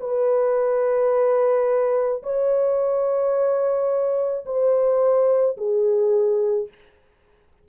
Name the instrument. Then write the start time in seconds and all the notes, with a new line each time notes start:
horn
0.00 B4
2.23 C#5
4.45 C5
5.57 G#4